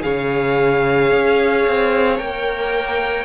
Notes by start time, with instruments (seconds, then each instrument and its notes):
0.00 cello C#3, viola G#4, violin C#5 F5
1.12 cello C#4
1.67 cello C4
2.18 cello A#3, viola A#4, violin G5